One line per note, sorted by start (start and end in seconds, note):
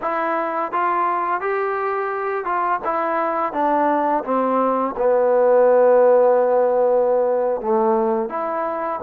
0.01 0.72 E4
0.72 1.40 F4
1.40 2.44 G4
2.44 2.80 F4
2.84 3.53 E4
3.53 4.23 D4
4.24 4.94 C4
4.97 7.61 B3
7.61 8.29 A3
8.29 8.99 E4